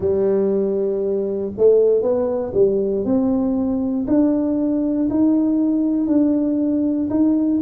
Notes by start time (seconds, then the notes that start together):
0.00 G3
1.57 A3
2.02 B3
2.54 G3
3.05 C4
4.07 D4
5.09 D#4
6.06 D4
7.10 D#4